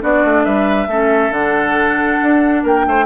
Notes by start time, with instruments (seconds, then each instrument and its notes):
0.00 bassoon B3, clarinet D4, oboe F#4, flute D5
0.24 bassoon A3
0.44 bassoon G3, oboe B4, flute E5
0.87 bassoon A3, clarinet C#4, oboe A4
1.30 bassoon D3, clarinet D4, flute F#5
2.22 bassoon D4
2.63 bassoon A#3, oboe A#4, flute G5
2.87 bassoon A3, oboe C5